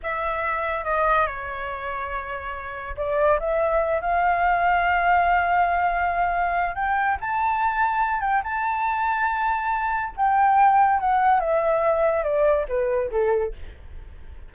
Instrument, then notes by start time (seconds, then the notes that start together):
flute
0.02 E5
0.84 D#5
1.26 C#5
2.97 D5
3.39 E5
4.01 F5
6.75 G5
7.20 A5
8.21 G5
8.43 A5
10.16 G5
10.99 F#5
11.40 E5
12.23 D5
12.68 B4
13.11 A4